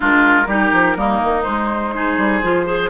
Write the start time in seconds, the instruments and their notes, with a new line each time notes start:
0.00 bassoon G#3, clarinet D4, oboe F4, flute A#4
0.46 bassoon G3, clarinet D#4, oboe G4
0.72 bassoon F3
0.96 bassoon G3, clarinet A#3, oboe D#4
1.23 bassoon D#3
1.43 clarinet G#3, bassoon G#3, flute C5
1.94 clarinet D#4, oboe G#4
2.17 bassoon G3
2.42 bassoon F3, clarinet F4
2.66 clarinet G#4, oboe C5